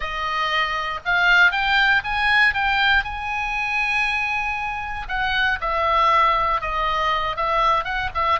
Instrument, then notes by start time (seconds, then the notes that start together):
oboe
0.00 D#5
1.05 F5
1.51 G5
2.04 G#5
2.54 G5
3.04 G#5
5.08 F#5
5.60 E5
6.61 D#5
7.36 E5
7.84 F#5
8.14 E5